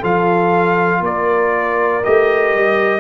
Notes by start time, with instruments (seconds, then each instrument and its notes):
0.00 tuba F3, trombone F4, horn A4, trumpet F5
1.00 tuba A#3, horn A#4, trumpet D5
2.04 tuba A3, trombone G4, trumpet D#5
2.55 tuba G3